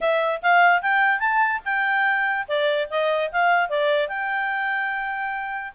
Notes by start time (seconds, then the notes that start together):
0.01 E5
0.42 F5
0.82 G5
1.19 A5
1.64 G5
2.48 D5
2.90 D#5
3.32 F5
3.69 D5
4.08 G5